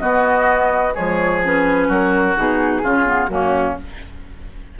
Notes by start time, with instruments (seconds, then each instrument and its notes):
0.00 clarinet B3, bassoon B3, oboe F#4, flute D#5
0.93 bassoon F3, clarinet G#3, oboe G#4, flute C#5
1.45 clarinet C#4, flute B4
1.88 bassoon F#3, oboe F#4, flute A#4
2.36 bassoon B2, clarinet D#4, flute G#4
2.83 bassoon C#3, clarinet C#4, oboe F4
3.06 clarinet B3
3.28 bassoon F#2, clarinet A#3, oboe C#4, flute F#4